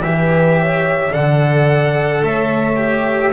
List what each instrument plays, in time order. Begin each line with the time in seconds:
0.00 double bass E3, cello G4, horn B4, trumpet E5
0.60 horn C#5
1.11 double bass D3, cello A4, horn D5, trumpet F#5
2.22 double bass A3, horn C#5, trumpet E5
2.76 cello G4